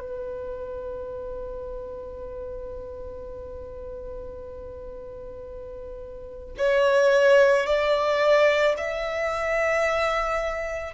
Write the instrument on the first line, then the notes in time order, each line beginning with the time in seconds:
violin
0.00 B4
6.58 C#5
7.67 D5
8.78 E5